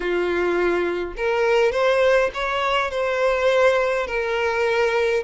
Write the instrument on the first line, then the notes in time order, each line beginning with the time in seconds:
violin
0.00 F4
1.17 A#4
1.72 C5
2.34 C#5
2.90 C5
4.06 A#4